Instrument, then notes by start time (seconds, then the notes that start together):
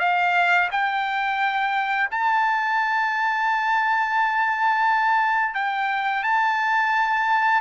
trumpet
0.00 F5
0.71 G5
2.11 A5
5.55 G5
6.24 A5